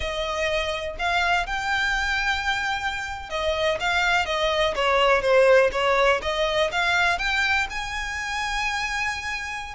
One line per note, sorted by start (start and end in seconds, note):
0.00 0.96 D#5
0.98 1.46 F5
1.46 3.29 G5
3.29 3.78 D#5
3.80 4.25 F5
4.25 4.74 D#5
4.75 5.21 C#5
5.21 5.70 C5
5.71 6.20 C#5
6.22 6.71 D#5
6.71 7.18 F5
7.18 7.67 G5
7.70 9.74 G#5